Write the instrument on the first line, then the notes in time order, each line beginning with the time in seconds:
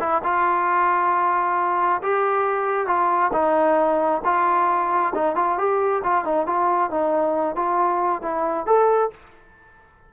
trombone
0.00 E4
0.24 F4
2.03 G4
2.87 F4
3.33 D#4
4.25 F4
5.15 D#4
5.36 F4
5.58 G4
6.04 F4
6.25 D#4
6.46 F4
6.91 D#4
7.56 F4
8.22 E4
8.67 A4